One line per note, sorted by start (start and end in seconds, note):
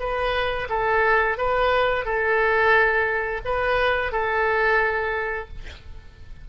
0.00 0.68 B4
0.70 1.38 A4
1.38 2.05 B4
2.05 3.42 A4
3.45 4.12 B4
4.12 5.49 A4